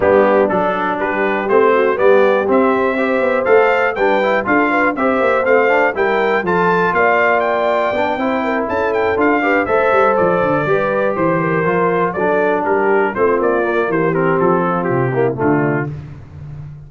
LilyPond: <<
  \new Staff \with { instrumentName = "trumpet" } { \time 4/4 \tempo 4 = 121 g'4 a'4 b'4 c''4 | d''4 e''2 f''4 | g''4 f''4 e''4 f''4 | g''4 a''4 f''4 g''4~ |
g''4. a''8 g''8 f''4 e''8~ | e''8 d''2 c''4.~ | c''8 d''4 ais'4 c''8 d''4 | c''8 ais'8 a'4 g'4 f'4 | }
  \new Staff \with { instrumentName = "horn" } { \time 4/4 d'2 g'4. fis'8 | g'2 c''2 | b'4 a'8 b'8 c''2 | ais'4 a'4 d''2~ |
d''8 c''8 ais'8 a'4. b'8 c''8~ | c''4. b'4 c''8 ais'4~ | ais'8 a'4 g'4 f'4. | g'4. f'4 e'8 d'4 | }
  \new Staff \with { instrumentName = "trombone" } { \time 4/4 b4 d'2 c'4 | b4 c'4 g'4 a'4 | d'8 e'8 f'4 g'4 c'8 d'8 | e'4 f'2. |
d'8 e'2 f'8 g'8 a'8~ | a'4. g'2 f'8~ | f'8 d'2 c'4 ais8~ | ais8 c'2 ais8 a4 | }
  \new Staff \with { instrumentName = "tuba" } { \time 4/4 g4 fis4 g4 a4 | g4 c'4. b8 a4 | g4 d'4 c'8 ais8 a4 | g4 f4 ais2 |
b8 c'4 cis'4 d'4 a8 | g8 f8 d8 g4 e4 f8~ | f8 fis4 g4 a8 ais4 | e4 f4 c4 d4 | }
>>